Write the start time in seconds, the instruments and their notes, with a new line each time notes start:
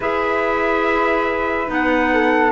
0.00 cello E4, clarinet G#4, flute B4, trumpet E5
1.66 cello B3, clarinet D#4, trumpet F#5
2.13 flute A4